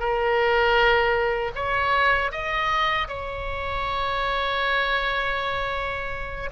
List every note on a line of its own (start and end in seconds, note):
0.00 1.52 A#4
1.56 2.32 C#5
2.32 3.08 D#5
3.08 6.50 C#5